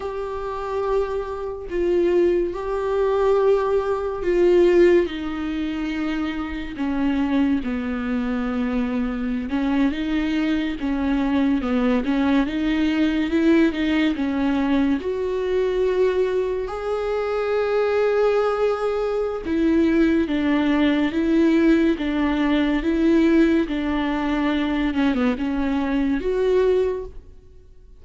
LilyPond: \new Staff \with { instrumentName = "viola" } { \time 4/4 \tempo 4 = 71 g'2 f'4 g'4~ | g'4 f'4 dis'2 | cis'4 b2~ b16 cis'8 dis'16~ | dis'8. cis'4 b8 cis'8 dis'4 e'16~ |
e'16 dis'8 cis'4 fis'2 gis'16~ | gis'2. e'4 | d'4 e'4 d'4 e'4 | d'4. cis'16 b16 cis'4 fis'4 | }